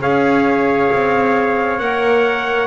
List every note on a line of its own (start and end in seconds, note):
0.00 0.90 C#4
0.00 1.78 G#4
0.00 2.67 C#5
0.00 1.79 F5
0.92 1.80 C4
1.78 2.67 A#3
1.78 2.67 A#4
1.78 2.67 F#5